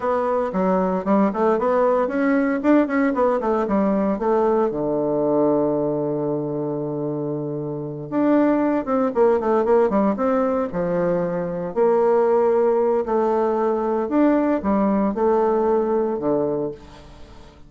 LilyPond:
\new Staff \with { instrumentName = "bassoon" } { \time 4/4 \tempo 4 = 115 b4 fis4 g8 a8 b4 | cis'4 d'8 cis'8 b8 a8 g4 | a4 d2.~ | d2.~ d8 d'8~ |
d'4 c'8 ais8 a8 ais8 g8 c'8~ | c'8 f2 ais4.~ | ais4 a2 d'4 | g4 a2 d4 | }